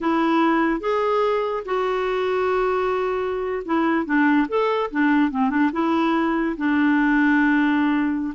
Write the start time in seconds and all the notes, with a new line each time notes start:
0.00 E4
0.80 G#4
1.65 F#4
3.65 E4
4.05 D4
4.48 A4
4.90 D4
5.30 C4
5.50 D4
5.72 E4
6.57 D4